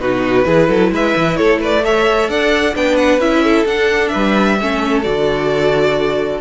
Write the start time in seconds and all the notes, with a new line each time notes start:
0.00 B2 D#4 F#4 B4
0.44 E3 E4 G#4
0.68 F#3 A4
0.92 G#3 B4 E5
1.17 E3
1.37 A3 A4 C#5
1.60 B4 D5
1.84 A4 C#5 E5
2.29 D4 D5 F#5
2.75 B3 D4 B4 G5
2.97 F#5
3.19 C#4 E4 E5
3.44 A4
3.65 D4 F#5
4.08 B4 E5
4.15 G3
4.61 A3 C#4 A4
5.03 D3 F#4 D5